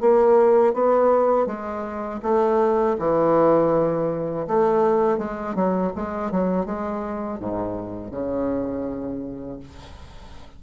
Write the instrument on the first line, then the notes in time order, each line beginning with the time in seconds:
bassoon
0.00 A#3
0.73 B3
1.46 G#3
2.22 A3
2.99 E3
4.47 A3
5.18 G#3
5.55 F#3
5.95 G#3
6.31 F#3
6.66 G#3
7.40 G#2
8.11 C#3